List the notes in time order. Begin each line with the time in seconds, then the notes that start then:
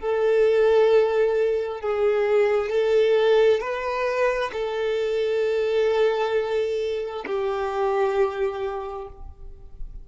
0.00 A4
1.81 G#4
2.70 A4
3.60 B4
4.53 A4
7.26 G4